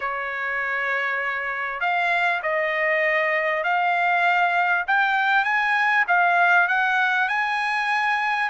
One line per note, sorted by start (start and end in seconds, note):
0.00 1.80 C#5
1.80 2.41 F5
2.42 3.63 D#5
3.63 4.85 F5
4.87 5.44 G5
5.44 6.04 G#5
6.07 6.67 F5
6.67 7.28 F#5
7.28 8.49 G#5